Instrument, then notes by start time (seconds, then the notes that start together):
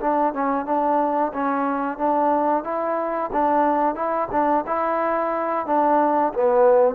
trombone
0.00 D4
0.33 C#4
0.65 D4
1.33 C#4
1.98 D4
2.64 E4
3.32 D4
3.95 E4
4.31 D4
4.66 E4
5.66 D4
6.33 B3